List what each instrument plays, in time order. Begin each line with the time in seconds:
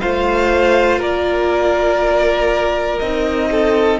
0.00 cello A3, viola F4, violin C5 F5
0.99 cello A#3, violin A#4 D5
2.98 cello C4, viola D#4, violin D#5
3.51 violin A4